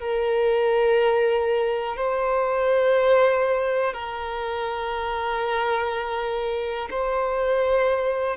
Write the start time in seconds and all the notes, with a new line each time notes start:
0.00 A#4
1.97 C5
3.93 A#4
6.91 C5